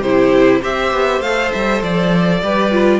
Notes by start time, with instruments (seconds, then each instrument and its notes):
0.00 cello C3, viola E4, violin G4 C5
0.61 cello C4, viola G4, violin C5 E5
0.92 cello B3
1.20 cello A3, viola A4, violin F5
1.52 cello G3, violin E5
1.81 cello F3, violin D5
2.43 cello G3, viola G4, violin B4
2.72 viola F4